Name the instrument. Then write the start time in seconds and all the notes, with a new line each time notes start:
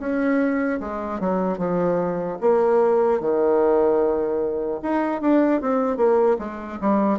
bassoon
0.00 C#4
0.80 G#3
1.20 F#3
1.59 F3
2.41 A#3
3.21 D#3
4.83 D#4
5.21 D4
5.61 C4
5.97 A#3
6.39 G#3
6.81 G3